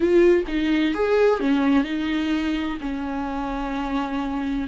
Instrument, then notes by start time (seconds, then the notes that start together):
viola
0.00 F4
0.47 D#4
0.94 G#4
1.40 C#4
1.84 D#4
2.80 C#4